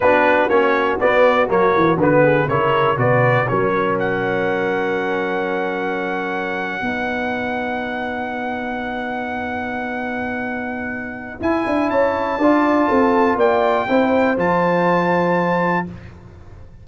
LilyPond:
<<
  \new Staff \with { instrumentName = "trumpet" } { \time 4/4 \tempo 4 = 121 b'4 cis''4 d''4 cis''4 | b'4 cis''4 d''4 cis''4 | fis''1~ | fis''1~ |
fis''1~ | fis''2. gis''4 | a''2. g''4~ | g''4 a''2. | }
  \new Staff \with { instrumentName = "horn" } { \time 4/4 fis'1~ | fis'8 gis'8 ais'4 b'4 ais'4~ | ais'1~ | ais'4.~ ais'16 b'2~ b'16~ |
b'1~ | b'1 | cis''4 d''4 a'4 d''4 | c''1 | }
  \new Staff \with { instrumentName = "trombone" } { \time 4/4 d'4 cis'4 b4 ais4 | b4 e'4 fis'4 cis'4~ | cis'1~ | cis'4.~ cis'16 dis'2~ dis'16~ |
dis'1~ | dis'2. e'4~ | e'4 f'2. | e'4 f'2. | }
  \new Staff \with { instrumentName = "tuba" } { \time 4/4 b4 ais4 b4 fis8 e8 | d4 cis4 b,4 fis4~ | fis1~ | fis4.~ fis16 b2~ b16~ |
b1~ | b2. e'8 d'8 | cis'4 d'4 c'4 ais4 | c'4 f2. | }
>>